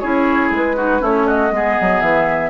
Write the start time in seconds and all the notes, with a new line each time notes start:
0.00 C#4 E4 G#4 C#5
0.51 G#3 B4
0.76 D#4 F#4
1.00 A3 C#4 E4 C#5
1.27 F#4 D#5
1.52 G#3 B3 G#4
1.81 F#3
2.01 E3 E5